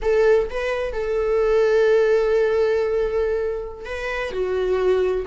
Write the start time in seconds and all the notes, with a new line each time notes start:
0.01 A4
0.49 B4
0.92 A4
3.85 B4
4.31 F#4